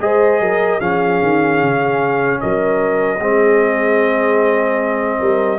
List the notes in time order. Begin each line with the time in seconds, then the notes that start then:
0.00 G#3 G#4 C5 D#5
0.40 F#3 A#4
0.80 F3 C#4 G#4 F5
1.23 D#3
1.61 C#3
2.40 F#3 A#4 D#5
3.19 G#3 C4 G#4
5.20 G3 A#4